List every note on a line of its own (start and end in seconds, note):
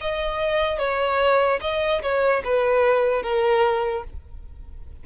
0.00 0.78 D#5
0.78 1.59 C#5
1.61 2.01 D#5
2.02 2.42 C#5
2.44 3.22 B4
3.22 4.04 A#4